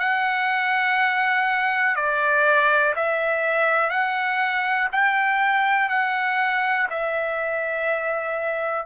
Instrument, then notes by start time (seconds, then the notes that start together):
trumpet
0.00 F#5
1.96 D5
2.96 E5
3.90 F#5
4.92 G5
5.90 F#5
6.91 E5